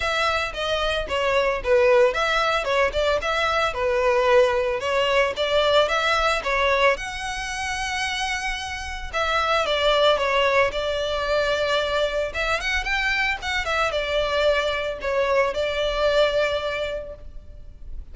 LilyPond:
\new Staff \with { instrumentName = "violin" } { \time 4/4 \tempo 4 = 112 e''4 dis''4 cis''4 b'4 | e''4 cis''8 d''8 e''4 b'4~ | b'4 cis''4 d''4 e''4 | cis''4 fis''2.~ |
fis''4 e''4 d''4 cis''4 | d''2. e''8 fis''8 | g''4 fis''8 e''8 d''2 | cis''4 d''2. | }